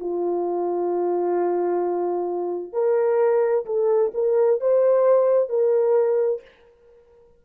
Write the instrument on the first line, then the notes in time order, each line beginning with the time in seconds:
horn
0.00 F4
2.73 A#4
3.66 A4
4.14 A#4
4.61 C5
5.50 A#4